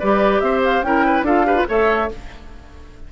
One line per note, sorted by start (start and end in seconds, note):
0.00 0.42 G3
0.00 0.85 G4
0.00 0.41 B4
0.00 0.40 D5
0.40 0.82 C4
0.40 0.86 C5
0.40 0.61 E5
0.65 0.83 F5
0.82 1.22 C#4
0.82 1.26 E4
0.82 1.06 A#4
0.82 1.25 G5
1.06 1.26 B4
1.22 1.64 D4
1.22 1.46 F4
1.22 1.46 A4
1.22 1.67 F5
1.46 1.56 G4
1.46 1.67 B4
1.56 1.66 F4
1.68 2.11 A3
1.68 2.09 A4
1.68 2.10 C#5
1.68 2.12 E5